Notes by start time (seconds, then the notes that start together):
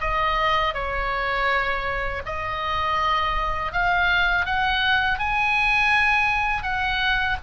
0.00 D#5
0.74 C#5
2.25 D#5
3.72 F5
4.45 F#5
5.19 G#5
6.63 F#5